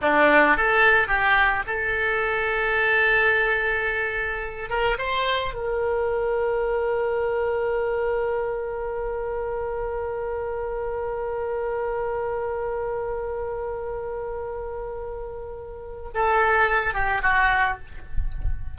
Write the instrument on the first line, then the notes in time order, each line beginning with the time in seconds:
oboe
0.01 D4
0.57 A4
1.07 G4
1.66 A4
4.69 A#4
4.98 C5
5.54 A#4
16.14 A4
16.93 G4
17.22 F#4